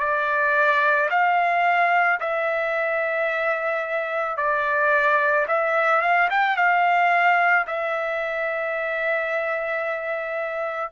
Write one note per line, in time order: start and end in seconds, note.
0.00 1.09 D5
1.11 2.20 F5
2.21 4.37 E5
4.37 5.46 D5
5.48 6.01 E5
6.01 6.29 F5
6.30 6.57 G5
6.57 7.66 F5
7.67 10.92 E5